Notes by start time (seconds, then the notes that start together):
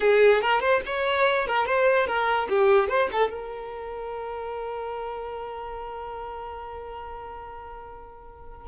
0.00 G#4
0.41 A#4
0.60 C5
0.85 C#5
1.47 A#4
1.66 C5
2.06 A#4
2.49 G4
2.88 C5
3.12 A4
3.30 A#4